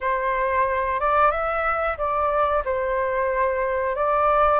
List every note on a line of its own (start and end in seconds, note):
0.01 1.00 C5
1.00 1.31 D5
1.31 1.97 E5
1.98 2.63 D5
2.65 3.95 C5
3.95 4.59 D5